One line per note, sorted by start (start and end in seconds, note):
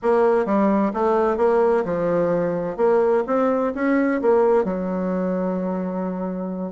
0.02 0.45 A#3
0.45 0.92 G3
0.93 1.37 A3
1.37 1.84 A#3
1.85 2.77 F3
2.77 3.23 A#3
3.26 3.73 C4
3.74 4.21 C#4
4.21 4.64 A#3
4.64 6.72 F#3